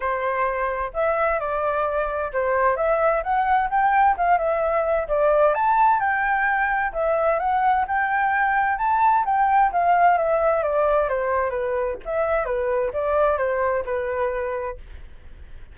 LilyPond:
\new Staff \with { instrumentName = "flute" } { \time 4/4 \tempo 4 = 130 c''2 e''4 d''4~ | d''4 c''4 e''4 fis''4 | g''4 f''8 e''4. d''4 | a''4 g''2 e''4 |
fis''4 g''2 a''4 | g''4 f''4 e''4 d''4 | c''4 b'4 e''4 b'4 | d''4 c''4 b'2 | }